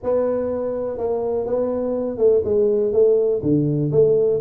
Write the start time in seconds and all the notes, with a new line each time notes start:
0.03 B3
0.97 A#3
1.46 B3
2.17 A3
2.44 G#3
2.92 A3
3.42 D3
3.91 A3